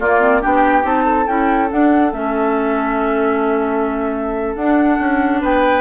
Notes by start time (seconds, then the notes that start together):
0.00 A#3 F4 D5
0.20 C4
0.41 B3 D4 G4 G5
0.82 C4 D#4 A5
1.05 A4
1.27 C#4 E4 G5
1.69 D4 F#5
2.13 A3 C#4 E5
4.56 D4 F#5
5.00 C#4
5.41 B3 B4 G5